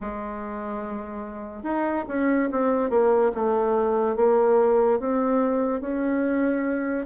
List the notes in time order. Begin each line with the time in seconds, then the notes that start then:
0.00 G#3
1.62 D#4
2.08 C#4
2.52 C4
2.89 A#3
3.34 A3
4.16 A#3
4.99 C4
5.81 C#4